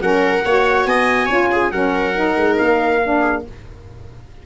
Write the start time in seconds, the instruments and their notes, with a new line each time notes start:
0.00 tuba F#3, saxophone C#4, viola A#4, trumpet F#5
0.45 tuba A#3, saxophone F#4, viola C#5
0.86 tuba B3, viola D#5, trumpet G#5
1.26 tuba C#4, saxophone F4, viola C#5
1.52 viola G#4
1.71 tuba F#3, saxophone C#4, viola A#4, trumpet F#5
2.15 saxophone D#4
2.37 tuba G#3
2.58 tuba A#3, trumpet F5
3.03 saxophone D4
3.20 viola G#4